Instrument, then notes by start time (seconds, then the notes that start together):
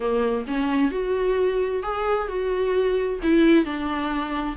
viola
0.00 A#3
0.47 C#4
0.91 F#4
1.83 G#4
2.28 F#4
3.22 E4
3.65 D4